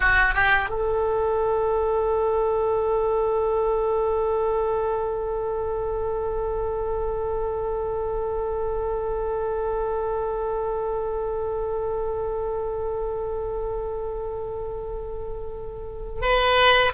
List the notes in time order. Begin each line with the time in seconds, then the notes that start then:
0.00 F#4
0.34 G4
0.69 A4
16.21 B4